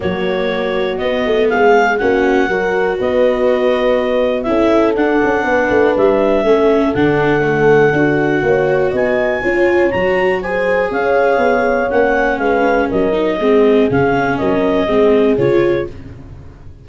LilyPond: <<
  \new Staff \with { instrumentName = "clarinet" } { \time 4/4 \tempo 4 = 121 cis''2 dis''4 f''4 | fis''2 dis''2~ | dis''4 e''4 fis''2 | e''2 fis''2~ |
fis''2 gis''2 | ais''4 gis''4 f''2 | fis''4 f''4 dis''2 | f''4 dis''2 cis''4 | }
  \new Staff \with { instrumentName = "horn" } { \time 4/4 fis'2. gis'4 | fis'4 ais'4 b'2~ | b'4 a'2 b'4~ | b'4 a'2.~ |
a'4 cis''4 dis''4 cis''4~ | cis''4 c''4 cis''2~ | cis''4 b'4 ais'4 gis'4~ | gis'4 ais'4 gis'2 | }
  \new Staff \with { instrumentName = "viola" } { \time 4/4 ais2 b2 | cis'4 fis'2.~ | fis'4 e'4 d'2~ | d'4 cis'4 d'4 a4 |
fis'2. f'4 | fis'4 gis'2. | cis'2~ cis'8 dis'8 c'4 | cis'2 c'4 f'4 | }
  \new Staff \with { instrumentName = "tuba" } { \time 4/4 fis2 b8 a8 gis4 | ais4 fis4 b2~ | b4 cis'4 d'8 cis'8 b8 a8 | g4 a4 d2 |
d'4 ais4 b4 cis'4 | fis2 cis'4 b4 | ais4 gis4 fis4 gis4 | cis4 fis4 gis4 cis4 | }
>>